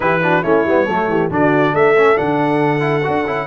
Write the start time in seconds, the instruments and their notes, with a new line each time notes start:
0.00 tuba E3, trombone E4, horn G4, trumpet B4
0.22 trombone D4, horn F#4
0.43 tuba A3, trombone C#4, horn E4, trumpet C#5
0.65 tuba G3, trombone B3
0.85 tuba F#3, trombone A3, horn A4
1.08 tuba E3, horn G4
1.30 tuba D3, trombone D4, horn F#4, trumpet D5
1.73 tuba A3, horn A4, trumpet E5
1.96 trombone C#4
2.15 tuba D3, trombone D4, trumpet F#5
2.79 trombone E4
3.03 tuba D4, trombone F#4
3.26 tuba C#4, trombone E4